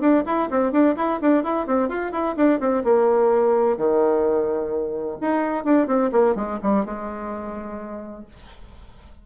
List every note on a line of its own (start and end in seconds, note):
0.00 0.23 D4
0.26 0.49 E4
0.50 0.72 C4
0.72 0.95 D4
0.96 1.20 E4
1.21 1.43 D4
1.43 1.66 E4
1.66 1.88 C4
1.88 2.12 F4
2.12 2.35 E4
2.36 2.60 D4
2.60 2.83 C4
2.83 3.77 A#3
3.77 5.17 D#3
5.20 5.64 D#4
5.64 5.87 D4
5.87 6.10 C4
6.12 6.35 A#3
6.35 6.58 G#3
6.63 6.85 G3
6.85 8.26 G#3